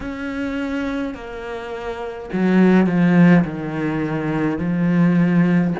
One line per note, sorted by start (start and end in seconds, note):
0.00 1.14 C#4
1.14 2.29 A#3
2.32 2.86 F#3
2.86 3.44 F3
3.44 4.58 D#3
4.58 5.74 F3